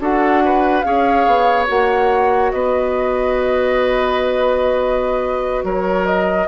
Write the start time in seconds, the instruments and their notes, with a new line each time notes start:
0.00 bassoon D4, clarinet F#4, oboe A4, flute F#5
0.45 oboe B4
0.82 bassoon C#4, clarinet G#4, oboe C#5, flute F5
1.27 bassoon B3
1.67 bassoon A#3, clarinet F#4, flute F#5
2.52 bassoon B3, oboe B4, flute D#5
5.64 bassoon F#3, oboe A#4, flute C#5
6.07 flute D#5